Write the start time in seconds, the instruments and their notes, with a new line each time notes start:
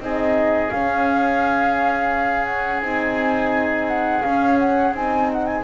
0.00 double bass C4, horn D#4, oboe G#4, flute D#5
0.71 double bass C#4, horn C#4, flute F5
2.45 flute F#5
2.82 double bass C4, horn D#4, flute G#5
3.88 flute F#5
4.22 horn C#4, double bass C#4, flute F5
4.59 flute F#5
4.93 double bass C4, horn D#4, flute G#5
5.33 flute F#5
5.46 flute G#5